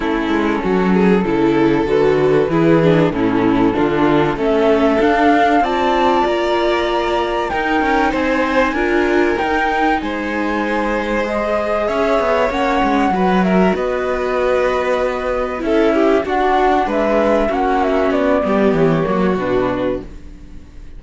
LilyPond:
<<
  \new Staff \with { instrumentName = "flute" } { \time 4/4 \tempo 4 = 96 a'2. b'4~ | b'4 a'2 e''4 | f''4 a''4 ais''2 | g''4 gis''2 g''4 |
gis''2 dis''4 e''4 | fis''4. e''8 dis''2~ | dis''4 e''4 fis''4 e''4 | fis''8 e''8 d''4 cis''4 b'4 | }
  \new Staff \with { instrumentName = "violin" } { \time 4/4 e'4 fis'8 gis'8 a'2 | gis'4 e'4 f'4 a'4~ | a'4 d''2. | ais'4 c''4 ais'2 |
c''2. cis''4~ | cis''4 b'8 ais'8 b'2~ | b'4 a'8 g'8 fis'4 b'4 | fis'4. g'4 fis'4. | }
  \new Staff \with { instrumentName = "viola" } { \time 4/4 cis'2 e'4 fis'4 | e'8 d'8 cis'4 d'4 cis'4 | d'4 f'2. | dis'2 f'4 dis'4~ |
dis'2 gis'2 | cis'4 fis'2.~ | fis'4 e'4 d'2 | cis'4. b4 ais8 d'4 | }
  \new Staff \with { instrumentName = "cello" } { \time 4/4 a8 gis8 fis4 cis4 d4 | e4 a,4 d4 a4 | d'4 c'4 ais2 | dis'8 cis'8 c'4 d'4 dis'4 |
gis2. cis'8 b8 | ais8 gis8 fis4 b2~ | b4 cis'4 d'4 gis4 | ais4 b8 g8 e8 fis8 b,4 | }
>>